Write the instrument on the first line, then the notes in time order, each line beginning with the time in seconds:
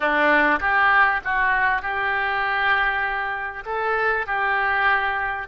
oboe
0.00 D4
0.60 G4
1.24 F#4
1.82 G4
3.65 A4
4.26 G4